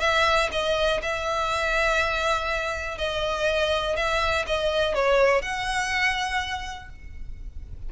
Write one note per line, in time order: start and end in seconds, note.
0.00 0.49 E5
0.52 1.01 D#5
1.02 2.98 E5
2.98 3.96 D#5
3.96 4.45 E5
4.46 4.94 D#5
4.94 5.42 C#5
5.42 6.89 F#5